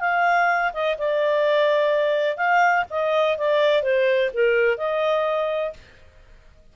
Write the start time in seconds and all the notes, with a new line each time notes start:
0.00 F5
0.73 D#5
0.98 D5
2.37 F5
2.90 D#5
3.38 D5
3.82 C5
4.34 A#4
4.77 D#5